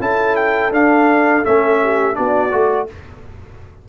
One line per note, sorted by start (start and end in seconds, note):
0.00 0.71 C#4
0.00 0.72 E4
0.00 1.81 A4
0.00 0.36 A5
0.36 0.71 G5
0.71 1.43 D4
0.71 1.45 F5
1.44 2.18 A3
1.44 2.14 C#4
1.44 2.16 E5
1.82 2.16 G4
2.14 2.53 B3
2.14 2.49 D4
2.14 2.87 F#4
2.14 2.87 D5
2.51 2.89 A3
2.51 2.87 F#4